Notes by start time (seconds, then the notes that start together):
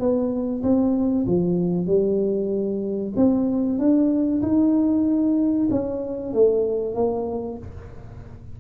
0.00 B3
0.63 C4
1.27 F3
1.87 G3
3.16 C4
3.79 D4
4.43 D#4
5.71 C#4
6.34 A3
6.95 A#3